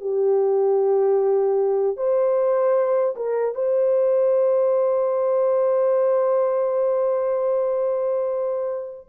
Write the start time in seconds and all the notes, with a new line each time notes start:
0.00 G4
1.97 C5
3.16 A#4
3.55 C5